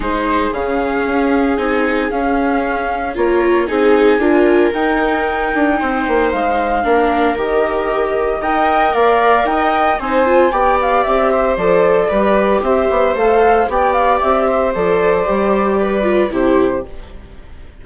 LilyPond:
<<
  \new Staff \with { instrumentName = "flute" } { \time 4/4 \tempo 4 = 114 c''4 f''2 gis''4 | f''2 cis''4 gis''4~ | gis''4 g''2. | f''2 dis''2 |
g''4 f''4 g''4 gis''4 | g''8 f''8 e''4 d''2 | e''4 f''4 g''8 f''8 e''4 | d''2. c''4 | }
  \new Staff \with { instrumentName = "viola" } { \time 4/4 gis'1~ | gis'2 ais'4 gis'4 | ais'2. c''4~ | c''4 ais'2. |
dis''4 d''4 dis''4 c''4 | d''4. c''4. b'4 | c''2 d''4. c''8~ | c''2 b'4 g'4 | }
  \new Staff \with { instrumentName = "viola" } { \time 4/4 dis'4 cis'2 dis'4 | cis'2 f'4 dis'4 | f'4 dis'2.~ | dis'4 d'4 g'2 |
ais'2. dis'8 f'8 | g'2 a'4 g'4~ | g'4 a'4 g'2 | a'4 g'4. f'8 e'4 | }
  \new Staff \with { instrumentName = "bassoon" } { \time 4/4 gis4 cis4 cis'4 c'4 | cis'2 ais4 c'4 | d'4 dis'4. d'8 c'8 ais8 | gis4 ais4 dis2 |
dis'4 ais4 dis'4 c'4 | b4 c'4 f4 g4 | c'8 b8 a4 b4 c'4 | f4 g2 c4 | }
>>